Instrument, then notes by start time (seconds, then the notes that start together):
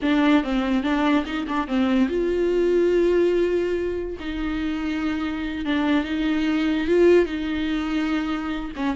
viola
0.02 D4
0.43 C4
0.83 D4
1.25 D#4
1.47 D4
1.67 C4
2.09 F4
4.19 D#4
5.65 D4
6.04 D#4
6.87 F4
7.25 D#4
8.75 C#4